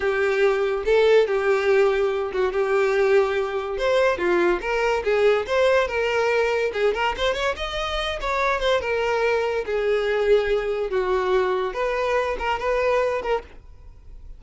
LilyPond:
\new Staff \with { instrumentName = "violin" } { \time 4/4 \tempo 4 = 143 g'2 a'4 g'4~ | g'4. fis'8 g'2~ | g'4 c''4 f'4 ais'4 | gis'4 c''4 ais'2 |
gis'8 ais'8 c''8 cis''8 dis''4. cis''8~ | cis''8 c''8 ais'2 gis'4~ | gis'2 fis'2 | b'4. ais'8 b'4. ais'8 | }